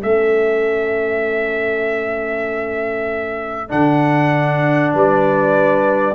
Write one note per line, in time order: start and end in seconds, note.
0.00 3.72 A3
0.00 3.69 C#4
0.00 4.94 A4
0.00 3.71 E5
3.69 4.95 D3
3.69 6.15 D4
3.69 4.94 F#5
4.94 6.15 G3
4.94 6.15 B4
4.94 6.15 D5